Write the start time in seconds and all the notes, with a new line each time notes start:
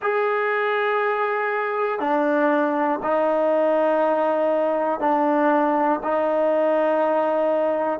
0.01 G#4
1.99 D4
3.03 D#4
5.00 D4
6.03 D#4